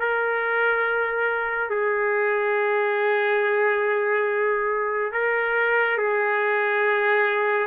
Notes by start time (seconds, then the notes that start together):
0.00 A#4
1.70 G#4
5.12 A#4
5.98 G#4